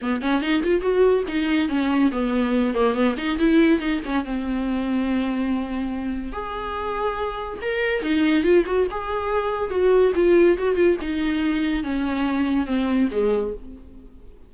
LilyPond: \new Staff \with { instrumentName = "viola" } { \time 4/4 \tempo 4 = 142 b8 cis'8 dis'8 f'8 fis'4 dis'4 | cis'4 b4. ais8 b8 dis'8 | e'4 dis'8 cis'8 c'2~ | c'2. gis'4~ |
gis'2 ais'4 dis'4 | f'8 fis'8 gis'2 fis'4 | f'4 fis'8 f'8 dis'2 | cis'2 c'4 gis4 | }